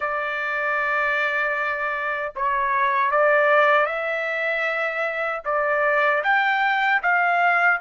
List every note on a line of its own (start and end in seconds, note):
0.00 2.32 D5
2.36 3.11 C#5
3.11 3.86 D5
3.86 5.42 E5
5.44 6.22 D5
6.23 7.01 G5
7.02 7.80 F5